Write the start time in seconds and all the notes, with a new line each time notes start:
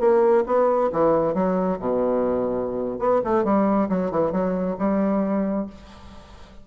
0.00 A#3
0.47 B3
0.92 E3
1.34 F#3
1.80 B2
2.99 B3
3.24 A3
3.45 G3
3.89 F#3
4.11 E3
4.32 F#3
4.79 G3